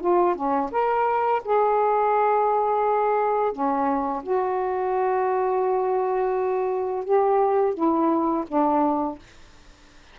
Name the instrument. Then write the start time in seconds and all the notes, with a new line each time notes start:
saxophone
0.00 F4
0.35 C#4
0.71 A#4
1.44 G#4
3.52 C#4
4.23 F#4
7.04 G4
7.74 E4
8.48 D4